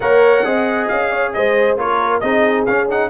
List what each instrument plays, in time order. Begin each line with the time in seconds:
0.00 tuba A#3, trombone A#4, horn C#5, trumpet F#5
0.44 tuba C4, trombone G#4, horn D#5
0.87 tuba C#4, trumpet F5
1.11 horn C#5
1.33 tuba G#3, horn C5, trumpet D#5
1.76 tuba A#3, trombone F4, horn A#4, trumpet C#5
2.20 tuba C4, trombone D#4, horn G#4, trumpet D#5
2.66 tuba C#4, trombone C#4, trumpet F5
2.89 trombone D#4, trumpet F#5